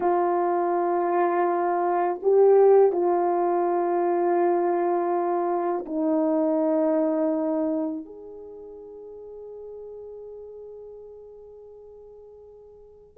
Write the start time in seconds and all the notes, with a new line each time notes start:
0.00 F4
2.22 G4
2.92 F4
5.85 D#4
8.05 G#4